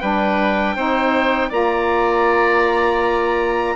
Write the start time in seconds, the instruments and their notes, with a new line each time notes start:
0.00 bassoon G3, saxophone D4, oboe B4, trumpet G5
0.76 bassoon C4, saxophone D#4, oboe C5
1.50 bassoon A#3, saxophone F4, oboe D5, trumpet A#5